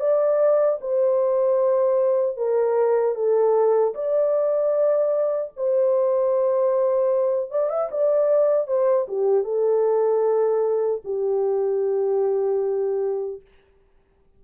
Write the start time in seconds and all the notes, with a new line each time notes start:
0.00 D5
0.81 C5
2.37 A#4
3.15 A4
3.95 D5
5.57 C5
7.51 D5
7.70 E5
7.92 D5
8.67 C5
9.08 G4
9.44 A4
11.05 G4